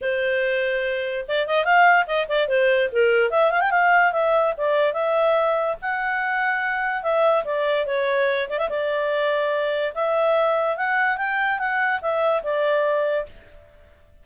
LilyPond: \new Staff \with { instrumentName = "clarinet" } { \time 4/4 \tempo 4 = 145 c''2. d''8 dis''8 | f''4 dis''8 d''8 c''4 ais'4 | e''8 f''16 g''16 f''4 e''4 d''4 | e''2 fis''2~ |
fis''4 e''4 d''4 cis''4~ | cis''8 d''16 e''16 d''2. | e''2 fis''4 g''4 | fis''4 e''4 d''2 | }